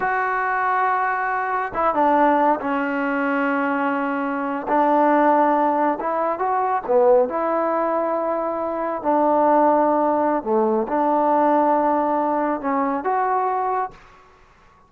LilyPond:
\new Staff \with { instrumentName = "trombone" } { \time 4/4 \tempo 4 = 138 fis'1 | e'8 d'4. cis'2~ | cis'2~ cis'8. d'4~ d'16~ | d'4.~ d'16 e'4 fis'4 b16~ |
b8. e'2.~ e'16~ | e'8. d'2.~ d'16 | a4 d'2.~ | d'4 cis'4 fis'2 | }